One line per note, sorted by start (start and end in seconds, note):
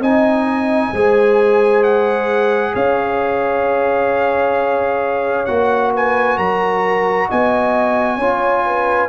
0.00 0.91 C4
0.00 0.94 D#4
0.00 0.92 D#5
0.00 1.84 G#5
0.93 2.74 G#3
0.93 5.47 G#4
0.93 2.74 C5
1.84 2.75 F#5
2.74 5.48 C#4
2.74 5.92 C#5
2.74 5.46 F5
5.46 6.38 A#3
5.46 8.20 F#4
5.46 5.92 F#5
5.94 6.37 B4
5.94 6.38 G#5
6.37 7.29 F#3
6.37 7.28 A#4
6.37 7.29 A#5
7.29 8.18 B3
7.29 8.17 D#5
7.29 9.10 G#5
8.17 9.09 C#4
8.17 9.10 F4
8.17 8.62 C#5
8.66 9.10 B4